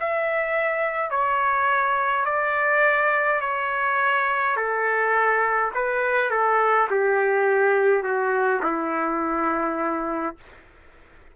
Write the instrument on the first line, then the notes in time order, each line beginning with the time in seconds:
trumpet
0.00 E5
1.11 C#5
2.26 D5
3.41 C#5
4.56 A4
5.74 B4
6.30 A4
6.90 G4
8.03 F#4
8.63 E4